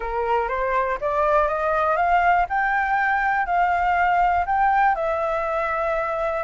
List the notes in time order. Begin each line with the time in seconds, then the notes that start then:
0.00 A#4
0.48 C5
1.01 D5
1.47 D#5
1.96 F5
2.49 G5
3.46 F5
4.46 G5
4.95 E5